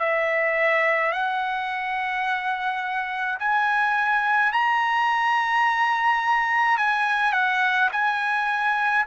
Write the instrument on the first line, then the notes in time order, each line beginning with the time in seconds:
trumpet
0.00 E5
1.13 F#5
3.40 G#5
4.53 A#5
6.78 G#5
7.33 F#5
7.92 G#5